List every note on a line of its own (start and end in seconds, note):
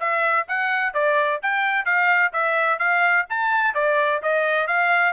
0.00 0.47 E5
0.48 0.94 F#5
0.94 1.40 D5
1.42 1.85 G5
1.85 2.32 F5
2.33 2.79 E5
2.79 3.26 F5
3.29 3.75 A5
3.75 4.21 D5
4.23 4.67 D#5
4.67 5.13 F5